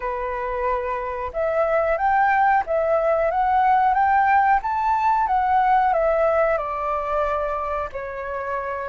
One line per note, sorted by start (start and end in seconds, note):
0.00 1.31 B4
1.33 1.97 E5
1.97 2.63 G5
2.66 3.31 E5
3.31 3.94 F#5
3.94 4.60 G5
4.62 5.27 A5
5.27 5.93 F#5
5.93 6.57 E5
6.57 7.89 D5
7.92 8.89 C#5